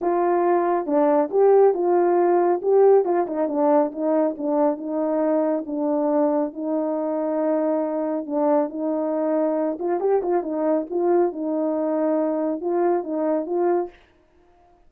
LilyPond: \new Staff \with { instrumentName = "horn" } { \time 4/4 \tempo 4 = 138 f'2 d'4 g'4 | f'2 g'4 f'8 dis'8 | d'4 dis'4 d'4 dis'4~ | dis'4 d'2 dis'4~ |
dis'2. d'4 | dis'2~ dis'8 f'8 g'8 f'8 | dis'4 f'4 dis'2~ | dis'4 f'4 dis'4 f'4 | }